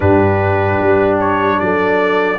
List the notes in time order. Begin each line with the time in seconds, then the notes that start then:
0.00 G2 D4 G4 B4
0.80 G3
1.19 C#5
1.59 F#3 A4 D5